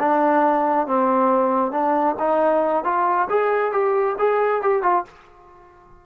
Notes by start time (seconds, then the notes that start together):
0.00 D4
0.87 C4
1.72 D4
2.19 D#4
2.85 F4
3.30 G#4
3.72 G4
4.19 G#4
4.62 G4
4.83 F4